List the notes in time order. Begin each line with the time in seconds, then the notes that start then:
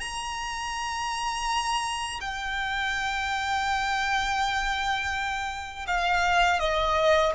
0.00 A#5
2.20 G5
5.87 F5
6.59 D#5